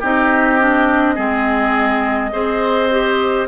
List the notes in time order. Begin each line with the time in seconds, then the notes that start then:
0.00 C4 D#4 G4 D#5
0.60 D4
1.15 G#3 C4 G#4
2.32 C4 G#4 C5
2.91 G4